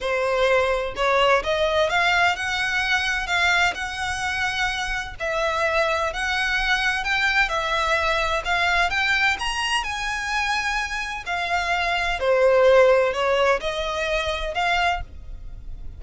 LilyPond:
\new Staff \with { instrumentName = "violin" } { \time 4/4 \tempo 4 = 128 c''2 cis''4 dis''4 | f''4 fis''2 f''4 | fis''2. e''4~ | e''4 fis''2 g''4 |
e''2 f''4 g''4 | ais''4 gis''2. | f''2 c''2 | cis''4 dis''2 f''4 | }